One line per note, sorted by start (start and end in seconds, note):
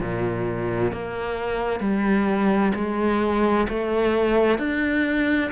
0.00 0.92 A#2
0.92 1.80 A#3
1.80 2.72 G3
2.75 3.67 G#3
3.69 4.58 A3
4.58 5.50 D4